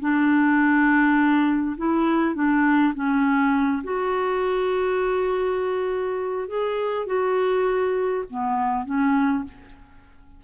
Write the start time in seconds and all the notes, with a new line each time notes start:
0.00 D4
1.77 E4
2.35 D4
2.94 C#4
3.84 F#4
6.48 G#4
7.06 F#4
8.30 B3
8.85 C#4